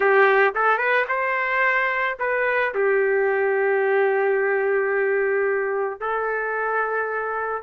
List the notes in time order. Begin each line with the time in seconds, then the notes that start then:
0.00 G4
0.55 A4
0.78 B4
1.08 C5
2.19 B4
2.74 G4
6.00 A4